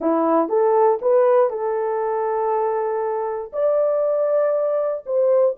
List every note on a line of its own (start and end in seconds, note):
0.00 0.48 E4
0.48 0.99 A4
1.01 1.50 B4
1.50 3.51 A4
3.52 5.04 D5
5.06 5.56 C5